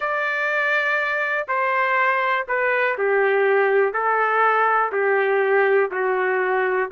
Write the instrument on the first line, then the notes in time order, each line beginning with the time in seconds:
trumpet
0.00 D5
1.48 C5
2.48 B4
2.98 G4
3.93 A4
4.92 G4
5.91 F#4